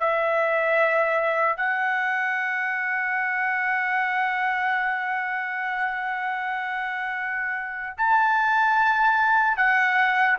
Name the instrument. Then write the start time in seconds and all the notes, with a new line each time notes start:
trumpet
0.00 E5
1.56 F#5
7.97 A5
9.57 F#5